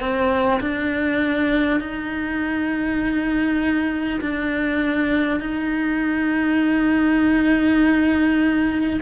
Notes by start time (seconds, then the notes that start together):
0.00 C4
0.60 D4
1.80 D#4
4.20 D4
5.40 D#4